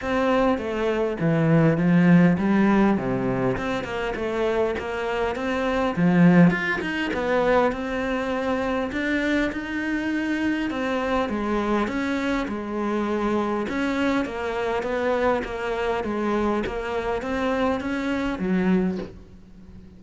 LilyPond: \new Staff \with { instrumentName = "cello" } { \time 4/4 \tempo 4 = 101 c'4 a4 e4 f4 | g4 c4 c'8 ais8 a4 | ais4 c'4 f4 f'8 dis'8 | b4 c'2 d'4 |
dis'2 c'4 gis4 | cis'4 gis2 cis'4 | ais4 b4 ais4 gis4 | ais4 c'4 cis'4 fis4 | }